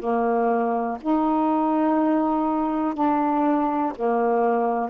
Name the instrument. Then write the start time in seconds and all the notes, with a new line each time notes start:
saxophone
0.00 A#3
1.01 D#4
2.95 D4
3.96 A#3